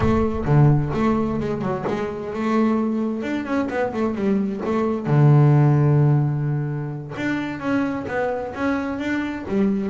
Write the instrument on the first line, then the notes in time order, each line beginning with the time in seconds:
double bass
0.00 A3
0.45 D3
0.93 A3
1.40 G#3
1.61 F#3
1.87 G#3
2.33 A3
3.22 D4
3.45 C#4
3.69 B3
3.93 A3
4.14 G3
4.65 A3
5.06 D3
7.16 D4
7.59 C#4
8.07 B3
8.54 C#4
8.99 D4
9.48 G3